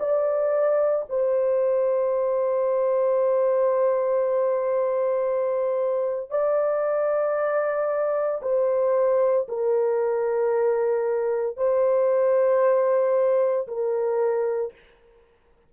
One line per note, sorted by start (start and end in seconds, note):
0.00 1.05 D5
1.10 6.31 C5
6.31 8.42 D5
8.43 9.48 C5
9.49 11.57 A#4
11.57 13.68 C5
13.68 14.73 A#4